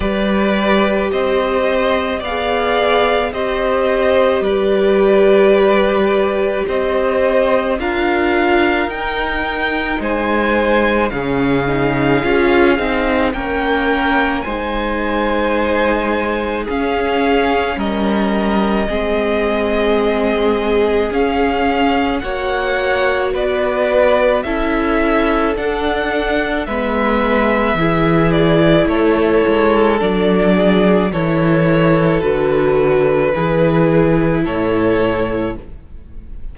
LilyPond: <<
  \new Staff \with { instrumentName = "violin" } { \time 4/4 \tempo 4 = 54 d''4 dis''4 f''4 dis''4 | d''2 dis''4 f''4 | g''4 gis''4 f''2 | g''4 gis''2 f''4 |
dis''2. f''4 | fis''4 d''4 e''4 fis''4 | e''4. d''8 cis''4 d''4 | cis''4 b'2 cis''4 | }
  \new Staff \with { instrumentName = "violin" } { \time 4/4 b'4 c''4 d''4 c''4 | b'2 c''4 ais'4~ | ais'4 c''4 gis'2 | ais'4 c''2 gis'4 |
ais'4 gis'2. | cis''4 b'4 a'2 | b'4 gis'4 a'4. gis'8 | a'2 gis'4 a'4 | }
  \new Staff \with { instrumentName = "viola" } { \time 4/4 g'2 gis'4 g'4~ | g'2. f'4 | dis'2 cis'8 dis'8 f'8 dis'8 | cis'4 dis'2 cis'4~ |
cis'4 c'2 cis'4 | fis'2 e'4 d'4 | b4 e'2 d'4 | e'4 fis'4 e'2 | }
  \new Staff \with { instrumentName = "cello" } { \time 4/4 g4 c'4 b4 c'4 | g2 c'4 d'4 | dis'4 gis4 cis4 cis'8 c'8 | ais4 gis2 cis'4 |
g4 gis2 cis'4 | ais4 b4 cis'4 d'4 | gis4 e4 a8 gis8 fis4 | e4 d4 e4 a,4 | }
>>